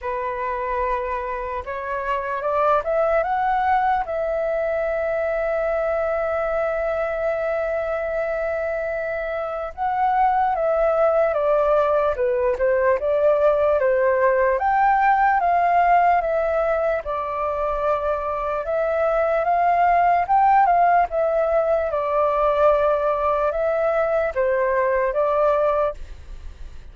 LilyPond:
\new Staff \with { instrumentName = "flute" } { \time 4/4 \tempo 4 = 74 b'2 cis''4 d''8 e''8 | fis''4 e''2.~ | e''1 | fis''4 e''4 d''4 b'8 c''8 |
d''4 c''4 g''4 f''4 | e''4 d''2 e''4 | f''4 g''8 f''8 e''4 d''4~ | d''4 e''4 c''4 d''4 | }